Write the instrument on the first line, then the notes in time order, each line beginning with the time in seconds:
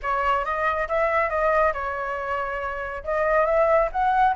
flute
0.02 C#5
0.44 D#5
0.88 E5
1.29 D#5
1.73 C#5
3.04 D#5
3.45 E5
3.92 F#5